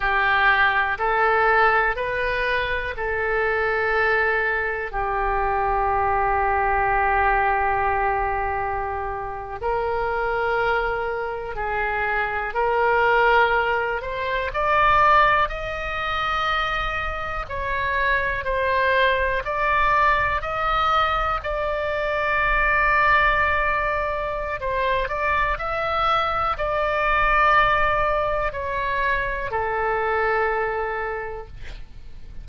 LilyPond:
\new Staff \with { instrumentName = "oboe" } { \time 4/4 \tempo 4 = 61 g'4 a'4 b'4 a'4~ | a'4 g'2.~ | g'4.~ g'16 ais'2 gis'16~ | gis'8. ais'4. c''8 d''4 dis''16~ |
dis''4.~ dis''16 cis''4 c''4 d''16~ | d''8. dis''4 d''2~ d''16~ | d''4 c''8 d''8 e''4 d''4~ | d''4 cis''4 a'2 | }